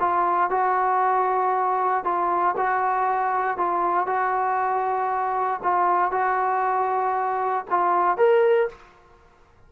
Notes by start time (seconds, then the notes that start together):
0.00 F4
0.50 F#4
2.04 F4
2.57 F#4
3.58 F4
4.07 F#4
5.63 F4
6.12 F#4
7.71 F4
8.17 A#4